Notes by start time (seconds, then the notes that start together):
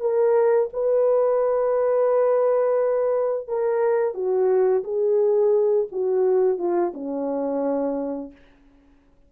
0.00 A#4
0.73 B4
3.48 A#4
4.14 F#4
4.84 G#4
5.92 F#4
6.58 F4
6.94 C#4